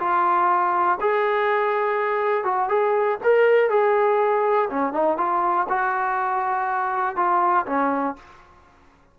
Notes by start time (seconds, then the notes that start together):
0.00 F4
1.01 G#4
2.45 F#4
2.69 G#4
3.24 A#4
3.70 G#4
4.70 C#4
4.93 D#4
5.18 F4
5.69 F#4
7.17 F4
7.67 C#4